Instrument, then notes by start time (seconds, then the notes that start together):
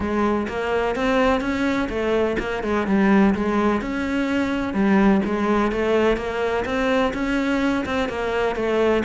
cello
0.00 G#3
0.48 A#3
0.95 C4
1.40 C#4
1.89 A3
2.39 A#3
2.63 G#3
2.86 G3
3.34 G#3
3.81 C#4
4.73 G3
5.25 G#3
5.71 A3
6.17 A#3
6.65 C4
7.13 C#4
7.85 C4
8.08 A#3
8.55 A3